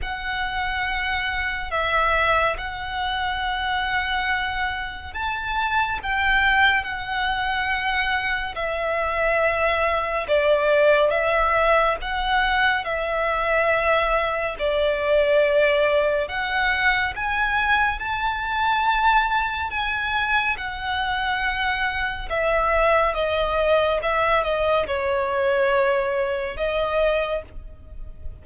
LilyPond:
\new Staff \with { instrumentName = "violin" } { \time 4/4 \tempo 4 = 70 fis''2 e''4 fis''4~ | fis''2 a''4 g''4 | fis''2 e''2 | d''4 e''4 fis''4 e''4~ |
e''4 d''2 fis''4 | gis''4 a''2 gis''4 | fis''2 e''4 dis''4 | e''8 dis''8 cis''2 dis''4 | }